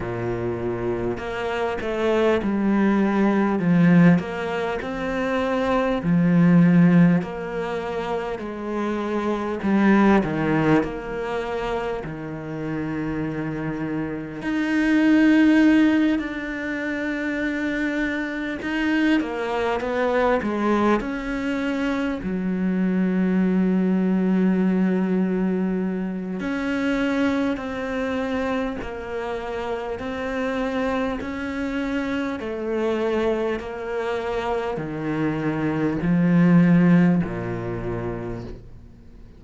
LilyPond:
\new Staff \with { instrumentName = "cello" } { \time 4/4 \tempo 4 = 50 ais,4 ais8 a8 g4 f8 ais8 | c'4 f4 ais4 gis4 | g8 dis8 ais4 dis2 | dis'4. d'2 dis'8 |
ais8 b8 gis8 cis'4 fis4.~ | fis2 cis'4 c'4 | ais4 c'4 cis'4 a4 | ais4 dis4 f4 ais,4 | }